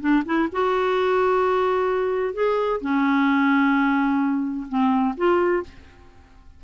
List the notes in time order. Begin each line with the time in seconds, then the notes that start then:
0.00 D4
0.25 E4
0.52 F#4
2.34 G#4
2.81 C#4
4.68 C4
5.17 F4